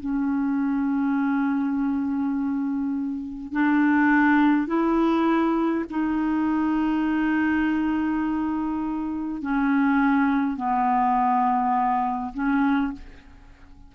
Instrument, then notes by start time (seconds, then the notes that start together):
clarinet
0.00 C#4
3.53 D4
4.67 E4
5.90 D#4
9.42 C#4
10.57 B3
12.34 C#4